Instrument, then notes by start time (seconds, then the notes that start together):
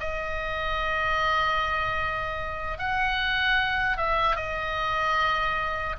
oboe
0.00 D#5
2.78 F#5
3.97 E5
4.36 D#5